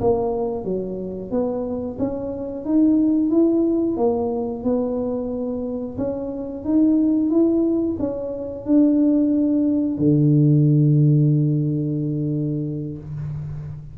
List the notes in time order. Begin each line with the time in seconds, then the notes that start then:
0.00 A#3
0.64 F#3
1.31 B3
1.99 C#4
2.65 D#4
3.30 E4
3.97 A#3
4.64 B3
5.98 C#4
6.64 D#4
7.30 E4
7.99 C#4
8.65 D4
9.98 D3